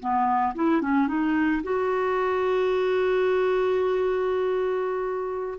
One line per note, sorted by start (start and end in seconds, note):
0.00 0.55 B3
0.55 0.82 E4
0.82 1.08 C#4
1.08 1.63 D#4
1.64 5.59 F#4